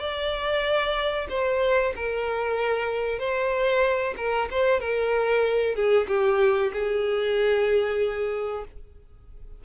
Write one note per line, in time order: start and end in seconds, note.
0.00 1.28 D5
1.30 1.94 C5
1.96 3.19 A#4
3.19 4.15 C5
4.17 4.49 A#4
4.51 4.80 C5
4.80 5.76 A#4
5.76 6.08 G#4
6.08 6.72 G4
6.73 8.65 G#4